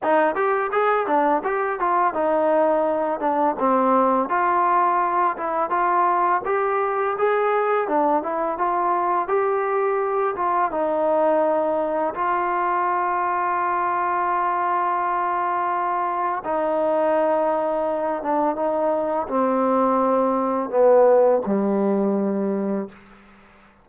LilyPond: \new Staff \with { instrumentName = "trombone" } { \time 4/4 \tempo 4 = 84 dis'8 g'8 gis'8 d'8 g'8 f'8 dis'4~ | dis'8 d'8 c'4 f'4. e'8 | f'4 g'4 gis'4 d'8 e'8 | f'4 g'4. f'8 dis'4~ |
dis'4 f'2.~ | f'2. dis'4~ | dis'4. d'8 dis'4 c'4~ | c'4 b4 g2 | }